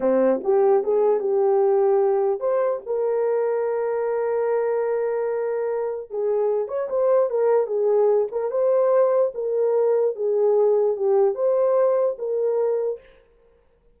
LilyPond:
\new Staff \with { instrumentName = "horn" } { \time 4/4 \tempo 4 = 148 c'4 g'4 gis'4 g'4~ | g'2 c''4 ais'4~ | ais'1~ | ais'2. gis'4~ |
gis'8 cis''8 c''4 ais'4 gis'4~ | gis'8 ais'8 c''2 ais'4~ | ais'4 gis'2 g'4 | c''2 ais'2 | }